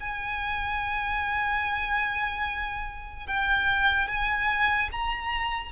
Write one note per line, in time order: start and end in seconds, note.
0.00 3.27 G#5
3.27 4.08 G5
4.08 4.90 G#5
4.92 5.72 A#5